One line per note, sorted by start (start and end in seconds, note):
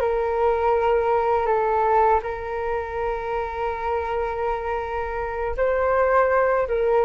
0.00 1.46 A#4
1.46 2.20 A4
2.23 5.56 A#4
5.56 6.67 C5
6.68 7.05 A#4